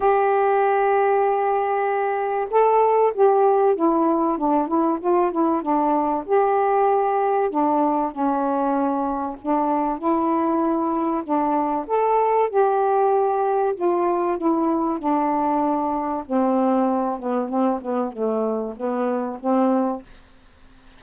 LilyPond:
\new Staff \with { instrumentName = "saxophone" } { \time 4/4 \tempo 4 = 96 g'1 | a'4 g'4 e'4 d'8 e'8 | f'8 e'8 d'4 g'2 | d'4 cis'2 d'4 |
e'2 d'4 a'4 | g'2 f'4 e'4 | d'2 c'4. b8 | c'8 b8 a4 b4 c'4 | }